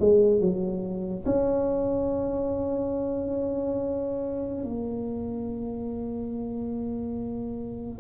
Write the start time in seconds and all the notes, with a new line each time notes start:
0.00 G#3
0.40 F#3
1.25 C#4
4.64 A#3